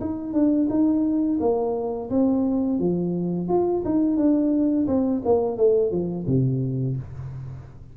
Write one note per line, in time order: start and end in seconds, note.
0.00 0.33 D#4
0.33 0.68 D4
0.69 1.39 D#4
1.40 2.10 A#3
2.10 2.79 C4
2.79 3.48 F3
3.48 3.83 F4
3.84 4.17 D#4
4.17 4.86 D4
4.87 5.22 C4
5.25 5.57 A#3
5.57 5.91 A3
5.91 6.26 F3
6.27 6.96 C3